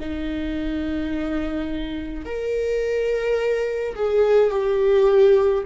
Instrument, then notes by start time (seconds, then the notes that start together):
viola
0.00 D#4
2.25 A#4
3.95 G#4
4.50 G4